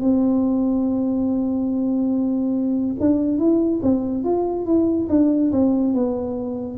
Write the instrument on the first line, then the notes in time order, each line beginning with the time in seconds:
tuba
0.00 C4
3.00 D4
3.38 E4
3.82 C4
4.24 F4
4.65 E4
5.09 D4
5.52 C4
5.94 B3